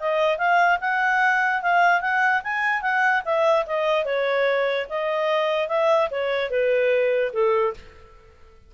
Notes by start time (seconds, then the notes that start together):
0.00 D#5
0.38 F5
0.81 F#5
1.62 F5
2.01 F#5
2.44 G#5
2.82 F#5
3.25 E5
3.66 D#5
4.05 C#5
4.90 D#5
5.68 E5
6.11 C#5
6.50 B4
7.33 A4